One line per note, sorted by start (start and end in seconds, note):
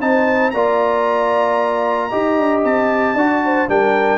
0.00 0.53 C4
0.00 0.53 D#4
0.00 0.54 C5
0.00 0.50 A5
0.50 2.11 A#3
0.50 2.11 F4
0.50 2.09 D5
0.50 2.61 A#5
2.09 2.38 D#4
2.09 3.16 G4
2.09 3.14 D#5
2.38 2.64 D4
2.64 3.14 C4
2.64 3.69 A5
3.14 3.67 D4
3.14 3.68 F#4
3.14 3.41 D5
3.44 3.69 C5
3.68 4.17 G3
3.68 4.17 D4
3.68 4.17 A#4
3.68 4.17 G5